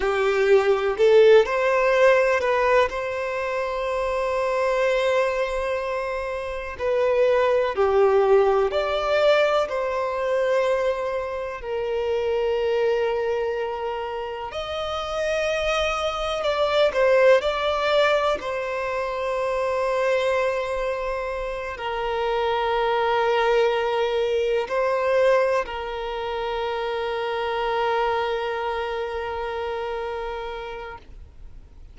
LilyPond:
\new Staff \with { instrumentName = "violin" } { \time 4/4 \tempo 4 = 62 g'4 a'8 c''4 b'8 c''4~ | c''2. b'4 | g'4 d''4 c''2 | ais'2. dis''4~ |
dis''4 d''8 c''8 d''4 c''4~ | c''2~ c''8 ais'4.~ | ais'4. c''4 ais'4.~ | ais'1 | }